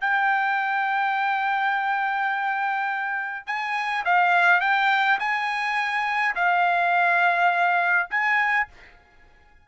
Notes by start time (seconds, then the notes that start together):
0.00 G5
3.46 G#5
4.05 F5
4.60 G5
5.19 G#5
6.35 F5
8.10 G#5